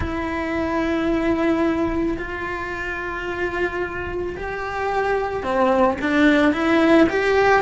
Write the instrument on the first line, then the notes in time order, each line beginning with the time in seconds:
cello
0.00 E4
2.18 F4
4.36 G4
5.43 C4
6.01 D4
6.53 E4
7.09 G4